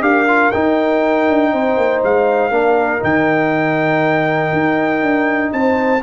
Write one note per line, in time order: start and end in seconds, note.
0.00 0.51 D4
0.00 0.25 G4
0.00 1.52 A#4
0.00 0.51 F5
0.27 0.52 F4
0.51 1.29 D#4
0.51 2.51 D#4
0.51 2.01 G5
1.29 1.53 D4
1.52 1.77 C4
1.52 2.52 C5
1.77 2.02 A#3
2.03 2.50 G#3
2.03 3.03 F5
2.50 3.00 A#3
2.50 2.99 D4
2.50 5.52 A#4
2.99 4.52 D#3
2.99 5.99 D#4
2.99 5.52 G5
4.52 5.02 D#4
5.02 5.52 D4
5.52 6.02 C4
5.52 6.02 C5
5.52 6.02 A5